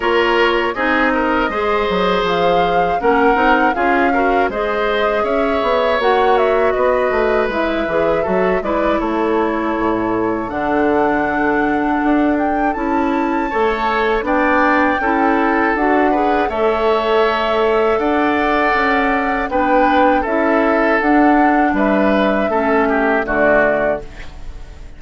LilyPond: <<
  \new Staff \with { instrumentName = "flute" } { \time 4/4 \tempo 4 = 80 cis''4 dis''2 f''4 | fis''4 f''4 dis''4 e''4 | fis''8 e''8 dis''4 e''4. d''8 | cis''2 fis''2~ |
fis''8 g''8 a''2 g''4~ | g''4 fis''4 e''2 | fis''2 g''4 e''4 | fis''4 e''2 d''4 | }
  \new Staff \with { instrumentName = "oboe" } { \time 4/4 ais'4 gis'8 ais'8 c''2 | ais'4 gis'8 ais'8 c''4 cis''4~ | cis''4 b'2 a'8 b'8 | a'1~ |
a'2 cis''4 d''4 | a'4. b'8 cis''2 | d''2 b'4 a'4~ | a'4 b'4 a'8 g'8 fis'4 | }
  \new Staff \with { instrumentName = "clarinet" } { \time 4/4 f'4 dis'4 gis'2 | cis'8 dis'8 f'8 fis'8 gis'2 | fis'2 e'8 gis'8 fis'8 e'8~ | e'2 d'2~ |
d'4 e'4 a'4 d'4 | e'4 fis'8 gis'8 a'2~ | a'2 d'4 e'4 | d'2 cis'4 a4 | }
  \new Staff \with { instrumentName = "bassoon" } { \time 4/4 ais4 c'4 gis8 fis8 f4 | ais8 c'8 cis'4 gis4 cis'8 b8 | ais4 b8 a8 gis8 e8 fis8 gis8 | a4 a,4 d2 |
d'4 cis'4 a4 b4 | cis'4 d'4 a2 | d'4 cis'4 b4 cis'4 | d'4 g4 a4 d4 | }
>>